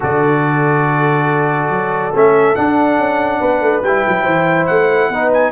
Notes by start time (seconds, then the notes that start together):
0.00 D3 F#4 A4 D5
1.68 F#3
2.14 A3 C#4 E5
2.55 D4 F#5
2.97 C#4
3.39 B3 B4
3.60 A3
3.83 G3 E4 G5
4.07 F#3
4.23 E3 C5
4.66 A3 F#5
5.09 B3 D#4 B4
5.33 G#5